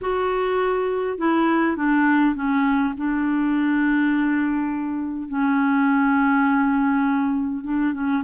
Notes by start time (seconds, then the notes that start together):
0.01 F#4
1.18 E4
1.76 D4
2.35 C#4
2.97 D4
5.28 C#4
7.64 D4
7.93 C#4